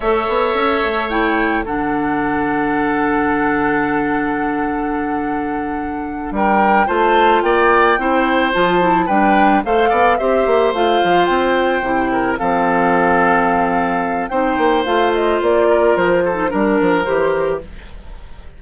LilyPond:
<<
  \new Staff \with { instrumentName = "flute" } { \time 4/4 \tempo 4 = 109 e''2 g''4 fis''4~ | fis''1~ | fis''2.~ fis''8 g''8~ | g''8 a''4 g''2 a''8~ |
a''8 g''4 f''4 e''4 f''8~ | f''8 g''2 f''4.~ | f''2 g''4 f''8 dis''8 | d''4 c''4 ais'4 c''4 | }
  \new Staff \with { instrumentName = "oboe" } { \time 4/4 cis''2. a'4~ | a'1~ | a'2.~ a'8 ais'8~ | ais'8 c''4 d''4 c''4.~ |
c''8 b'4 c''8 d''8 c''4.~ | c''2 ais'8 a'4.~ | a'2 c''2~ | c''8 ais'4 a'8 ais'2 | }
  \new Staff \with { instrumentName = "clarinet" } { \time 4/4 a'2 e'4 d'4~ | d'1~ | d'1~ | d'8 f'2 e'4 f'8 |
e'8 d'4 a'4 g'4 f'8~ | f'4. e'4 c'4.~ | c'2 dis'4 f'4~ | f'4.~ f'16 dis'16 d'4 g'4 | }
  \new Staff \with { instrumentName = "bassoon" } { \time 4/4 a8 b8 cis'8 a4. d4~ | d1~ | d2.~ d8 g8~ | g8 a4 ais4 c'4 f8~ |
f8 g4 a8 b8 c'8 ais8 a8 | f8 c'4 c4 f4.~ | f2 c'8 ais8 a4 | ais4 f4 g8 f8 e4 | }
>>